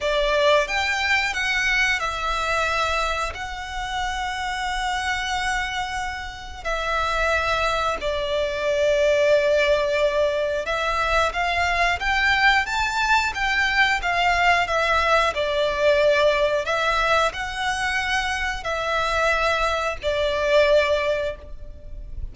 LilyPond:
\new Staff \with { instrumentName = "violin" } { \time 4/4 \tempo 4 = 90 d''4 g''4 fis''4 e''4~ | e''4 fis''2.~ | fis''2 e''2 | d''1 |
e''4 f''4 g''4 a''4 | g''4 f''4 e''4 d''4~ | d''4 e''4 fis''2 | e''2 d''2 | }